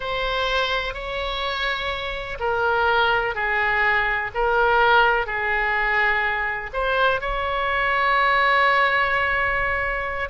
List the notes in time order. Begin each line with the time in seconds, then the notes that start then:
0.00 C5
0.94 C#5
2.39 A#4
3.34 G#4
4.34 A#4
5.26 G#4
6.73 C5
7.20 C#5